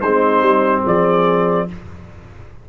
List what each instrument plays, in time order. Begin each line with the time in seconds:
0.00 tuba G#3, trombone C4, horn D#4, trumpet C5
0.41 tuba G3
0.84 tuba F3, horn G#4, trumpet D5